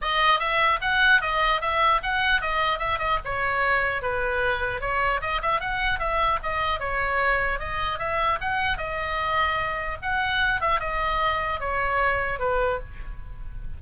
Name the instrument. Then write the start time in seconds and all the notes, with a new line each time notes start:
oboe
0.01 D#5
0.39 E5
0.81 F#5
1.21 D#5
1.61 E5
2.02 F#5
2.41 D#5
2.78 E5
2.99 D#5
3.24 C#5
4.02 B4
4.80 C#5
5.21 D#5
5.42 E5
5.60 F#5
5.99 E5
6.42 D#5
6.79 C#5
7.59 D#5
7.98 E5
8.41 F#5
8.77 D#5
10.02 F#5
10.61 E5
10.80 D#5
11.60 C#5
12.39 B4